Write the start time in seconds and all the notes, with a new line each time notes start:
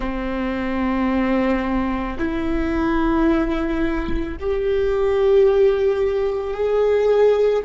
0.00 C4
2.18 E4
4.40 G4
6.54 G#4